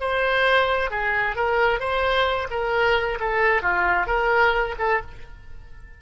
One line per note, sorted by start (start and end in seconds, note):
0.00 0.91 C5
0.91 1.36 G#4
1.36 1.80 A#4
1.80 2.48 C5
2.50 3.19 A#4
3.20 3.62 A4
3.62 4.07 F4
4.07 4.75 A#4
4.79 5.01 A4